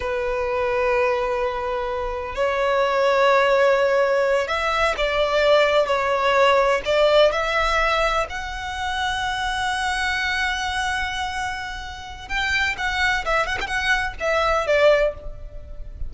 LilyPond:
\new Staff \with { instrumentName = "violin" } { \time 4/4 \tempo 4 = 127 b'1~ | b'4 cis''2.~ | cis''4. e''4 d''4.~ | d''8 cis''2 d''4 e''8~ |
e''4. fis''2~ fis''8~ | fis''1~ | fis''2 g''4 fis''4 | e''8 fis''16 g''16 fis''4 e''4 d''4 | }